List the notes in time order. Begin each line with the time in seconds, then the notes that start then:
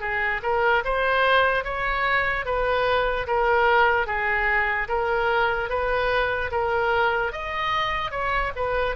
0.00 G#4
0.43 A#4
0.84 C5
1.64 C#5
2.45 B4
3.27 A#4
4.07 G#4
4.88 A#4
5.69 B4
6.51 A#4
7.32 D#5
8.11 C#5
8.56 B4